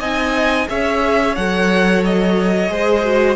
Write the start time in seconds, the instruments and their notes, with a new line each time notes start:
0.00 cello C4, viola D#4, violin D#5 G#5
0.68 cello C#4, viola G#4, violin C#5 E5
1.36 cello F#3, viola A4, violin F#5
2.05 violin D#5
2.69 cello G#3, viola G#4, violin C5
3.04 viola F#4